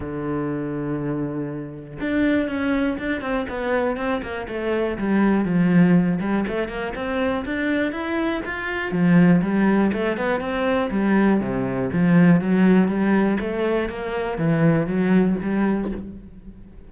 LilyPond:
\new Staff \with { instrumentName = "cello" } { \time 4/4 \tempo 4 = 121 d1 | d'4 cis'4 d'8 c'8 b4 | c'8 ais8 a4 g4 f4~ | f8 g8 a8 ais8 c'4 d'4 |
e'4 f'4 f4 g4 | a8 b8 c'4 g4 c4 | f4 fis4 g4 a4 | ais4 e4 fis4 g4 | }